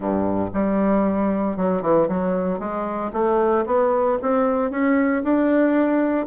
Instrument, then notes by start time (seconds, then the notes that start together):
bassoon
0.00 G2
0.53 G3
1.56 F#3
1.81 E3
2.08 F#3
2.59 G#3
3.13 A3
3.66 B3
4.21 C4
4.70 C#4
5.23 D4